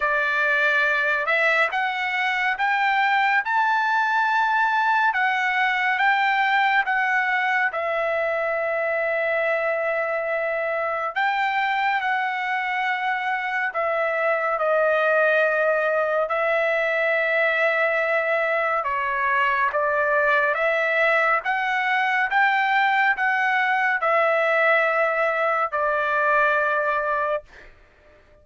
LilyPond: \new Staff \with { instrumentName = "trumpet" } { \time 4/4 \tempo 4 = 70 d''4. e''8 fis''4 g''4 | a''2 fis''4 g''4 | fis''4 e''2.~ | e''4 g''4 fis''2 |
e''4 dis''2 e''4~ | e''2 cis''4 d''4 | e''4 fis''4 g''4 fis''4 | e''2 d''2 | }